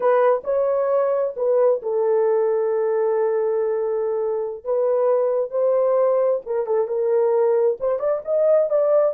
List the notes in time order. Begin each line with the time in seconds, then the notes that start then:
0.00 B4
0.44 C#5
1.36 B4
1.82 A4
4.64 B4
5.50 C5
6.46 A#4
6.66 A4
6.87 A#4
7.79 C5
7.99 D5
8.24 D#5
8.69 D5